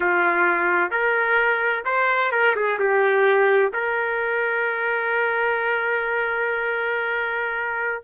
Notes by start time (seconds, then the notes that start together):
0.00 F4
0.90 A#4
1.85 C5
2.31 A#4
2.55 G#4
2.79 G4
3.73 A#4